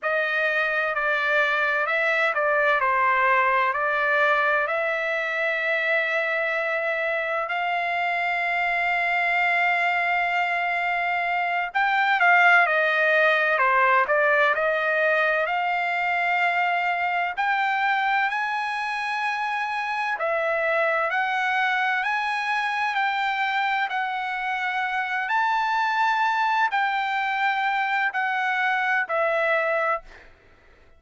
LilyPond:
\new Staff \with { instrumentName = "trumpet" } { \time 4/4 \tempo 4 = 64 dis''4 d''4 e''8 d''8 c''4 | d''4 e''2. | f''1~ | f''8 g''8 f''8 dis''4 c''8 d''8 dis''8~ |
dis''8 f''2 g''4 gis''8~ | gis''4. e''4 fis''4 gis''8~ | gis''8 g''4 fis''4. a''4~ | a''8 g''4. fis''4 e''4 | }